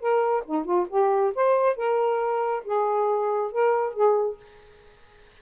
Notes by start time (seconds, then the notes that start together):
0.00 A#4
0.46 D#4
0.65 F4
0.90 G4
1.35 C5
1.76 A#4
2.65 G#4
3.52 A#4
3.94 G#4